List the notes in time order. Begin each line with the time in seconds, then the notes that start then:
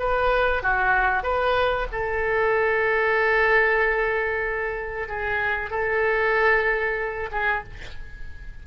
0.00 B4
0.63 F#4
1.23 B4
1.92 A4
5.08 G#4
5.70 A4
7.32 G#4